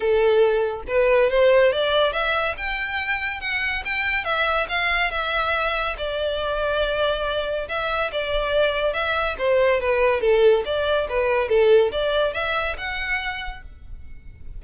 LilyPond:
\new Staff \with { instrumentName = "violin" } { \time 4/4 \tempo 4 = 141 a'2 b'4 c''4 | d''4 e''4 g''2 | fis''4 g''4 e''4 f''4 | e''2 d''2~ |
d''2 e''4 d''4~ | d''4 e''4 c''4 b'4 | a'4 d''4 b'4 a'4 | d''4 e''4 fis''2 | }